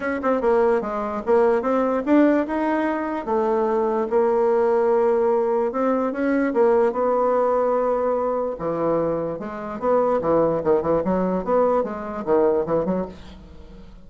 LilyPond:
\new Staff \with { instrumentName = "bassoon" } { \time 4/4 \tempo 4 = 147 cis'8 c'8 ais4 gis4 ais4 | c'4 d'4 dis'2 | a2 ais2~ | ais2 c'4 cis'4 |
ais4 b2.~ | b4 e2 gis4 | b4 e4 dis8 e8 fis4 | b4 gis4 dis4 e8 fis8 | }